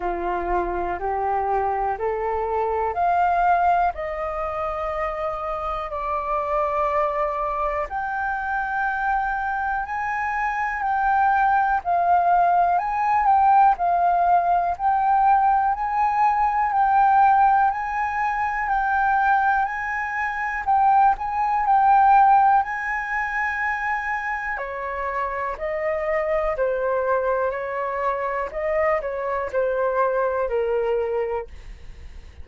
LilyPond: \new Staff \with { instrumentName = "flute" } { \time 4/4 \tempo 4 = 61 f'4 g'4 a'4 f''4 | dis''2 d''2 | g''2 gis''4 g''4 | f''4 gis''8 g''8 f''4 g''4 |
gis''4 g''4 gis''4 g''4 | gis''4 g''8 gis''8 g''4 gis''4~ | gis''4 cis''4 dis''4 c''4 | cis''4 dis''8 cis''8 c''4 ais'4 | }